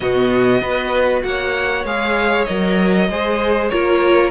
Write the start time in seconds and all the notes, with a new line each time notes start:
0.00 B2 B3 F#4 D#5
0.61 B3 F#4 B4
1.23 A#3 C#5 F#5
1.84 G#3 G#4 F5
2.44 F#3 A#4 D#5
3.09 G#3 G#4 C5
3.69 A#3 F4 A#4 C#5